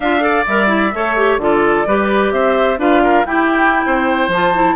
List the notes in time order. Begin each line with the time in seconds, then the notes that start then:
0.00 D4 F4 E5 F5
0.20 A4 D5
0.46 G3 A#4 E5
0.67 E4
0.94 A3 A4 C#5
1.17 G4
1.37 D3 F4 A4 D5
1.86 G3 G4 B4
2.32 C4 C5 E5
2.78 D4 F4 B4 F5
3.03 A#4
3.25 E4 G4 G5
3.86 C4 C5
4.28 F3 F4 A5
4.54 E4